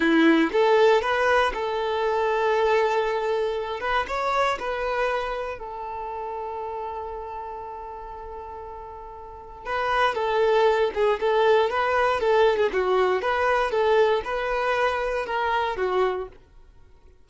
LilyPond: \new Staff \with { instrumentName = "violin" } { \time 4/4 \tempo 4 = 118 e'4 a'4 b'4 a'4~ | a'2.~ a'8 b'8 | cis''4 b'2 a'4~ | a'1~ |
a'2. b'4 | a'4. gis'8 a'4 b'4 | a'8. gis'16 fis'4 b'4 a'4 | b'2 ais'4 fis'4 | }